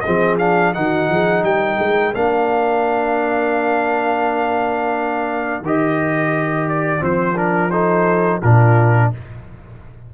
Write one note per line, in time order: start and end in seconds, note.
0.00 0.39 C4
0.00 0.73 G#4
0.00 0.35 D#5
0.08 0.75 F3
0.38 0.74 D4
0.38 0.73 F5
0.74 1.09 D#3
0.74 2.13 D#4
0.74 1.11 F#4
0.74 1.43 F#5
1.09 1.43 F3
1.09 1.46 G#4
1.43 1.78 G3
1.43 7.70 A#4
1.43 2.14 G5
1.79 2.14 G#3
2.14 5.61 A#3
2.14 5.63 D4
2.14 5.63 F5
5.61 7.01 D#3
5.61 6.99 G4
5.61 6.68 D#5
6.68 7.03 D5
6.99 8.41 F3
6.99 7.34 C4
6.99 7.37 C5
7.35 7.70 D4
7.35 7.70 A#4
7.70 8.41 D#4
7.70 8.40 A4
7.70 8.40 C5
8.40 9.13 A#2
8.40 9.14 D4
8.40 9.09 F4
8.40 9.11 A#4